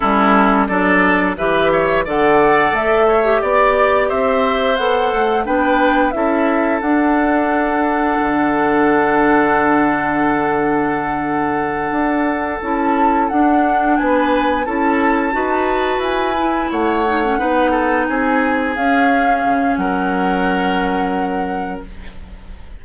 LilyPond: <<
  \new Staff \with { instrumentName = "flute" } { \time 4/4 \tempo 4 = 88 a'4 d''4 e''4 fis''4 | e''4 d''4 e''4 fis''4 | g''4 e''4 fis''2~ | fis''1~ |
fis''2~ fis''8 a''4 fis''8~ | fis''8 gis''4 a''2 gis''8~ | gis''8 fis''2 gis''4 f''8~ | f''4 fis''2. | }
  \new Staff \with { instrumentName = "oboe" } { \time 4/4 e'4 a'4 b'8 cis''8 d''4~ | d''8 cis''8 d''4 c''2 | b'4 a'2.~ | a'1~ |
a'1~ | a'8 b'4 a'4 b'4.~ | b'8 cis''4 b'8 a'8 gis'4.~ | gis'4 ais'2. | }
  \new Staff \with { instrumentName = "clarinet" } { \time 4/4 cis'4 d'4 g'4 a'4~ | a'8. g'2~ g'16 a'4 | d'4 e'4 d'2~ | d'1~ |
d'2~ d'8 e'4 d'8~ | d'4. e'4 fis'4. | e'4 dis'16 cis'16 dis'2 cis'8~ | cis'1 | }
  \new Staff \with { instrumentName = "bassoon" } { \time 4/4 g4 fis4 e4 d4 | a4 b4 c'4 b8 a8 | b4 cis'4 d'2 | d1~ |
d4. d'4 cis'4 d'8~ | d'8 b4 cis'4 dis'4 e'8~ | e'8 a4 b4 c'4 cis'8~ | cis'8 cis8 fis2. | }
>>